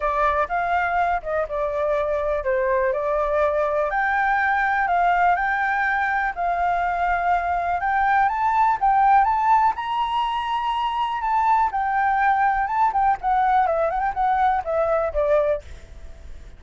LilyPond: \new Staff \with { instrumentName = "flute" } { \time 4/4 \tempo 4 = 123 d''4 f''4. dis''8 d''4~ | d''4 c''4 d''2 | g''2 f''4 g''4~ | g''4 f''2. |
g''4 a''4 g''4 a''4 | ais''2. a''4 | g''2 a''8 g''8 fis''4 | e''8 fis''16 g''16 fis''4 e''4 d''4 | }